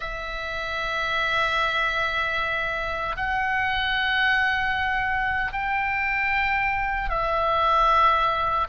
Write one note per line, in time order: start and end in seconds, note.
0.00 3.16 E5
3.16 5.52 F#5
5.52 7.09 G5
7.09 8.67 E5